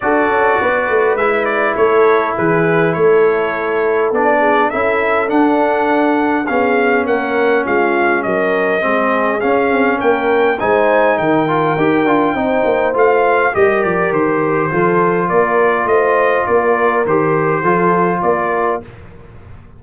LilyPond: <<
  \new Staff \with { instrumentName = "trumpet" } { \time 4/4 \tempo 4 = 102 d''2 e''8 d''8 cis''4 | b'4 cis''2 d''4 | e''4 fis''2 f''4 | fis''4 f''4 dis''2 |
f''4 g''4 gis''4 g''4~ | g''2 f''4 dis''8 d''8 | c''2 d''4 dis''4 | d''4 c''2 d''4 | }
  \new Staff \with { instrumentName = "horn" } { \time 4/4 a'4 b'2 a'4 | gis'4 a'2~ a'8 gis'8 | a'2. gis'4 | ais'4 f'4 ais'4 gis'4~ |
gis'4 ais'4 c''4 ais'4~ | ais'4 c''2 ais'4~ | ais'4 a'4 ais'4 c''4 | ais'2 a'4 ais'4 | }
  \new Staff \with { instrumentName = "trombone" } { \time 4/4 fis'2 e'2~ | e'2. d'4 | e'4 d'2 cis'4~ | cis'2. c'4 |
cis'2 dis'4. f'8 | g'8 f'8 dis'4 f'4 g'4~ | g'4 f'2.~ | f'4 g'4 f'2 | }
  \new Staff \with { instrumentName = "tuba" } { \time 4/4 d'8 cis'8 b8 a8 gis4 a4 | e4 a2 b4 | cis'4 d'2 b4 | ais4 gis4 fis4 gis4 |
cis'8 c'8 ais4 gis4 dis4 | dis'8 d'8 c'8 ais8 a4 g8 f8 | dis4 f4 ais4 a4 | ais4 dis4 f4 ais4 | }
>>